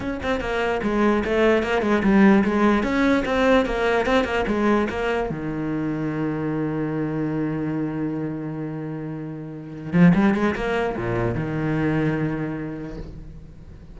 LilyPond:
\new Staff \with { instrumentName = "cello" } { \time 4/4 \tempo 4 = 148 cis'8 c'8 ais4 gis4 a4 | ais8 gis8 g4 gis4 cis'4 | c'4 ais4 c'8 ais8 gis4 | ais4 dis2.~ |
dis1~ | dis1~ | dis8 f8 g8 gis8 ais4 ais,4 | dis1 | }